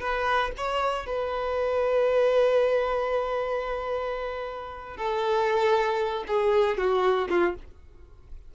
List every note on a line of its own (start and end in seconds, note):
0.00 0.51 B4
0.57 1.06 C#5
1.06 4.97 B4
4.97 6.24 A4
6.27 6.77 G#4
6.77 7.28 F#4
7.29 7.55 F4